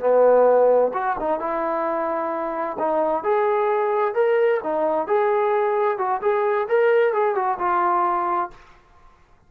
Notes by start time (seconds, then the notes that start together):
0.00 B3
0.94 F#4
1.20 D#4
1.40 E4
2.79 D#4
3.24 G#4
4.15 A#4
4.63 D#4
5.07 G#4
5.98 F#4
6.22 G#4
6.69 A#4
7.13 G#4
7.35 F#4
7.59 F4